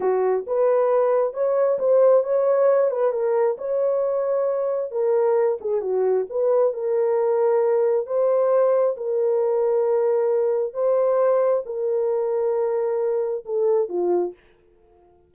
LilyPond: \new Staff \with { instrumentName = "horn" } { \time 4/4 \tempo 4 = 134 fis'4 b'2 cis''4 | c''4 cis''4. b'8 ais'4 | cis''2. ais'4~ | ais'8 gis'8 fis'4 b'4 ais'4~ |
ais'2 c''2 | ais'1 | c''2 ais'2~ | ais'2 a'4 f'4 | }